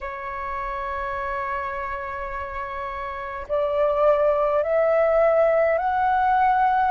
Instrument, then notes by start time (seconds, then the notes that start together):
flute
0.00 C#5
3.48 D5
4.63 E5
5.77 F#5